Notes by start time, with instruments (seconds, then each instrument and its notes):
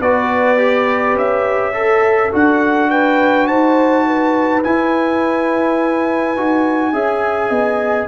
0.00 tuba B3, trombone F#4, horn B4, trumpet D5
0.57 trombone G4
1.14 tuba C#4, trumpet E5
1.74 trombone A4, horn A4
2.32 tuba D4, trombone F#4, trumpet F#5
2.90 horn B4, trumpet G5
3.47 tuba D#4, horn C5, trumpet A5
4.07 horn B4
4.63 trombone E4, tuba E4, trumpet G#5
6.37 tuba D#4, trombone F#4
6.93 tuba C#4, trombone G#4, horn E5
7.50 tuba B3, horn D#5